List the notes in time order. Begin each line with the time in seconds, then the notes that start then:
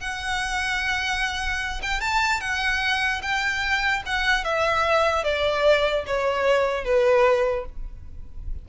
0.00 F#5
1.82 G5
2.00 A5
2.40 F#5
3.22 G5
4.05 F#5
4.44 E5
5.23 D5
6.06 C#5
6.84 B4